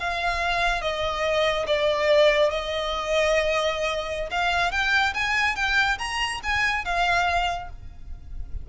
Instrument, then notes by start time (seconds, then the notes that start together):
violin
0.00 F5
0.82 D#5
1.67 D5
2.51 D#5
4.31 F5
4.72 G5
5.15 G#5
5.56 G5
5.99 A#5
6.44 G#5
6.85 F5